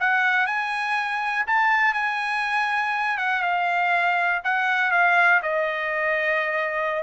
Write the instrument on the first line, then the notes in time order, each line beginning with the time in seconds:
trumpet
0.00 F#5
0.46 G#5
1.47 A5
1.93 G#5
3.17 F#5
3.42 F5
4.44 F#5
4.91 F5
5.42 D#5